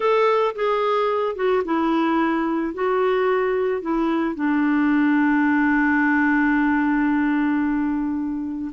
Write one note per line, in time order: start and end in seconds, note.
0.00 0.54 A4
0.55 1.35 G#4
1.35 1.62 F#4
1.65 2.73 E4
2.73 3.81 F#4
3.81 4.35 E4
4.35 8.71 D4